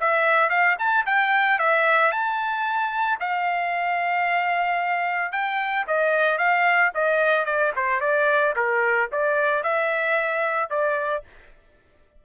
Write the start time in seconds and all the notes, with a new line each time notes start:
0.00 E5
0.49 F5
0.78 A5
1.06 G5
1.59 E5
2.11 A5
3.19 F5
5.32 G5
5.87 D#5
6.38 F5
6.94 D#5
7.45 D5
7.76 C5
8.00 D5
8.55 A#4
9.12 D5
9.63 E5
10.70 D5